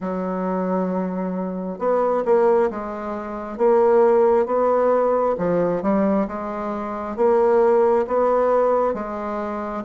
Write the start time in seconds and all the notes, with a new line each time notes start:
0.00 F#3
1.78 B3
2.25 A#3
2.70 G#3
3.57 A#3
4.46 B3
5.38 F3
5.82 G3
6.27 G#3
7.16 A#3
8.07 B3
8.93 G#3